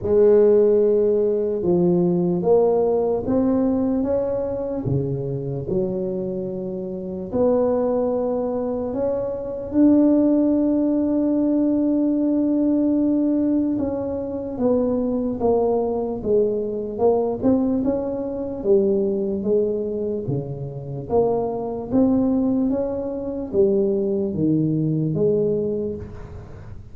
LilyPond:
\new Staff \with { instrumentName = "tuba" } { \time 4/4 \tempo 4 = 74 gis2 f4 ais4 | c'4 cis'4 cis4 fis4~ | fis4 b2 cis'4 | d'1~ |
d'4 cis'4 b4 ais4 | gis4 ais8 c'8 cis'4 g4 | gis4 cis4 ais4 c'4 | cis'4 g4 dis4 gis4 | }